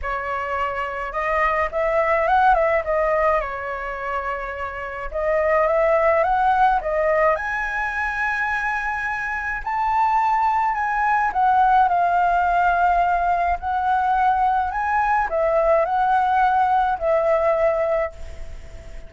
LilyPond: \new Staff \with { instrumentName = "flute" } { \time 4/4 \tempo 4 = 106 cis''2 dis''4 e''4 | fis''8 e''8 dis''4 cis''2~ | cis''4 dis''4 e''4 fis''4 | dis''4 gis''2.~ |
gis''4 a''2 gis''4 | fis''4 f''2. | fis''2 gis''4 e''4 | fis''2 e''2 | }